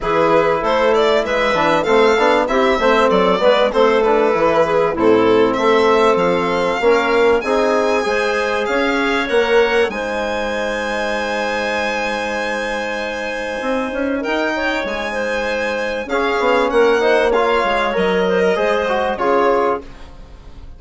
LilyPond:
<<
  \new Staff \with { instrumentName = "violin" } { \time 4/4 \tempo 4 = 97 b'4 c''8 d''8 e''4 f''4 | e''4 d''4 c''8 b'4. | a'4 e''4 f''2 | gis''2 f''4 fis''4 |
gis''1~ | gis''2. g''4 | gis''2 f''4 fis''4 | f''4 dis''2 cis''4 | }
  \new Staff \with { instrumentName = "clarinet" } { \time 4/4 gis'4 a'4 b'4 a'4 | g'8 c''8 a'8 b'8 a'4. gis'8 | e'4 a'2 ais'4 | gis'4 c''4 cis''2 |
c''1~ | c''2. ais'8 cis''8~ | cis''8 c''4. gis'4 ais'8 c''8 | cis''4. c''16 ais'16 c''4 gis'4 | }
  \new Staff \with { instrumentName = "trombone" } { \time 4/4 e'2~ e'8 d'8 c'8 d'8 | e'8 c'4 b8 c'8 d'8 e'4 | c'2. cis'4 | dis'4 gis'2 ais'4 |
dis'1~ | dis'1~ | dis'2 cis'4. dis'8 | f'4 ais'4 gis'8 fis'8 f'4 | }
  \new Staff \with { instrumentName = "bassoon" } { \time 4/4 e4 a4 gis8 e8 a8 b8 | c'8 a8 fis8 gis8 a4 e4 | a,4 a4 f4 ais4 | c'4 gis4 cis'4 ais4 |
gis1~ | gis2 c'8 cis'8 dis'4 | gis2 cis'8 b8 ais4~ | ais8 gis8 fis4 gis4 cis4 | }
>>